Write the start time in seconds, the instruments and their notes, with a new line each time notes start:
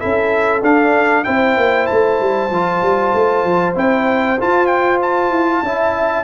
0.00 tuba C#4, trombone E4, horn A4, trumpet E5
0.62 tuba D4, trombone D4, trumpet F5
1.24 tuba C4, trombone E4, horn C5, trumpet G5
1.57 tuba A#3
1.87 tuba A3, trumpet A5
2.20 tuba G3
2.51 tuba F3, trombone F4
2.83 tuba G3
3.15 tuba A3
3.44 tuba F3
3.75 tuba C4, trombone E4, trumpet G5
4.40 trombone F4, tuba F4, trumpet A5
4.67 trumpet G5
5.02 trumpet A5
5.31 tuba E4
5.63 tuba C#4, trombone E4, horn E5